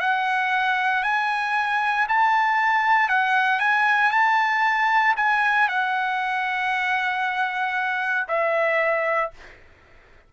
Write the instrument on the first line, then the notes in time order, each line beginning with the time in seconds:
trumpet
0.00 F#5
1.03 G#5
2.09 A5
3.09 F#5
3.60 G#5
4.11 A5
5.17 G#5
5.69 F#5
8.28 E5